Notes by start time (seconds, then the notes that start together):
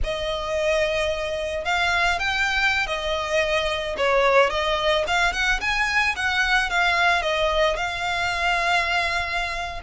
0.03 D#5
1.64 F5
2.19 G5
2.86 D#5
3.97 C#5
4.50 D#5
5.07 F5
5.33 F#5
5.60 G#5
6.16 F#5
6.70 F5
7.21 D#5
7.76 F5